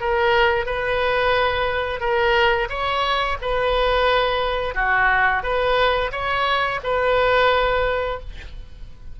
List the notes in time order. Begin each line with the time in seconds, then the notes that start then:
0.00 A#4
0.65 B4
2.00 A#4
2.69 C#5
3.41 B4
4.74 F#4
5.43 B4
6.12 C#5
6.83 B4